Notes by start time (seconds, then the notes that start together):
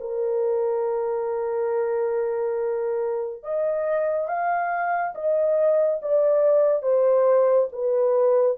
0.00 A#4
3.43 D#5
4.28 F5
5.14 D#5
6.02 D5
6.82 C5
7.72 B4